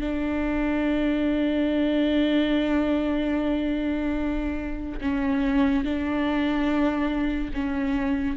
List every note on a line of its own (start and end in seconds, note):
0.00 5.00 D4
5.01 5.84 C#4
5.84 7.51 D4
7.53 8.37 C#4